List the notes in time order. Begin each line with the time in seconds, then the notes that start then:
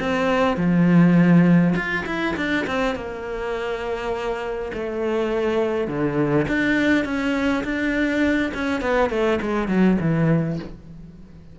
0.00 C4
0.57 F3
1.75 F4
2.06 E4
2.36 D4
2.67 C4
2.95 A#3
4.73 A3
5.87 D3
6.48 D4
7.05 C#4
7.64 D4
8.54 C#4
8.81 B3
9.10 A3
9.41 G#3
9.68 F#3
10.00 E3